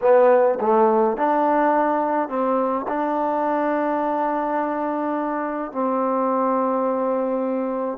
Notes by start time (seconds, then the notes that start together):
0.01 B3
0.60 A3
1.17 D4
2.29 C4
2.88 D4
5.71 C4